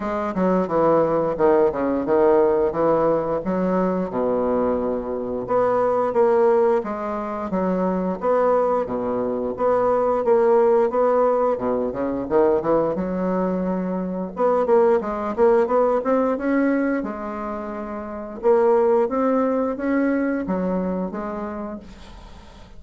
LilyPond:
\new Staff \with { instrumentName = "bassoon" } { \time 4/4 \tempo 4 = 88 gis8 fis8 e4 dis8 cis8 dis4 | e4 fis4 b,2 | b4 ais4 gis4 fis4 | b4 b,4 b4 ais4 |
b4 b,8 cis8 dis8 e8 fis4~ | fis4 b8 ais8 gis8 ais8 b8 c'8 | cis'4 gis2 ais4 | c'4 cis'4 fis4 gis4 | }